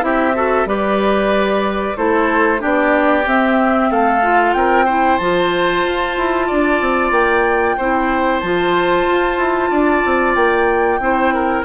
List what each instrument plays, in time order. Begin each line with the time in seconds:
0.00 bassoon C4, clarinet E4, oboe G4, flute E5
0.34 clarinet F#4, oboe A4
0.65 bassoon G3, clarinet G4, oboe B4, flute D5
1.97 bassoon A3, clarinet E4, oboe A4, flute C5
2.58 bassoon B3, clarinet D4, oboe G4, flute D5
3.26 bassoon C4, clarinet C4, flute E5
3.90 bassoon A3, oboe A4, flute F5
4.22 clarinet F4
4.53 bassoon C4, oboe A#4, flute G5
4.85 clarinet E4, oboe C5
5.17 bassoon F3, clarinet F4, flute A5
5.84 bassoon F4
6.17 bassoon E4
6.47 bassoon D4, oboe D5
6.80 bassoon C4
7.10 bassoon A#3, flute G5
7.77 bassoon C4, clarinet E4, oboe C5
8.40 bassoon F3, clarinet F4, flute A5
9.07 bassoon F4
9.37 bassoon E4
9.70 bassoon D4, oboe D5
10.05 bassoon C4
10.35 bassoon A#3, flute G5
10.99 bassoon C4, clarinet E4, oboe C5
11.34 oboe A#4